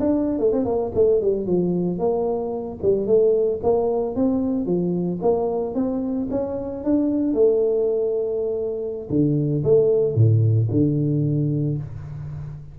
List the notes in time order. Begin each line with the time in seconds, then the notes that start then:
0.00 D4
0.39 A3
0.52 C4
0.65 A#3
0.95 A3
1.21 G3
1.46 F3
1.99 A#3
2.82 G3
3.07 A3
3.63 A#3
4.16 C4
4.66 F3
5.22 A#3
5.75 C4
6.31 C#4
6.84 D4
7.34 A3
9.10 D3
9.64 A3
10.15 A2
10.71 D3